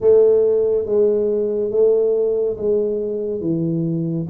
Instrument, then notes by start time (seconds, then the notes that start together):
tuba
0.00 A3
0.85 G#3
1.71 A3
2.57 G#3
3.41 E3